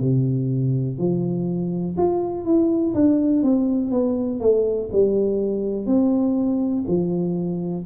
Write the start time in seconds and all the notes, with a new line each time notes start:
0.00 C3
0.99 F3
1.98 F4
2.45 E4
2.95 D4
3.43 C4
3.91 B3
4.40 A3
4.92 G3
5.87 C4
6.88 F3